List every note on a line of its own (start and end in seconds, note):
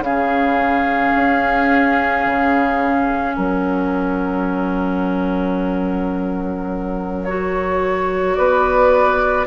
0.00 1.11 C#3
0.00 7.27 C#4
0.00 3.36 G#4
0.00 3.36 F5
1.16 2.26 C#4
2.26 3.37 C#3
3.36 8.37 F#3
3.36 8.36 A#4
3.36 7.25 F#5
7.25 9.47 F#4
7.25 8.35 C#5
8.35 9.47 B3
8.35 9.47 B4
8.35 9.46 D5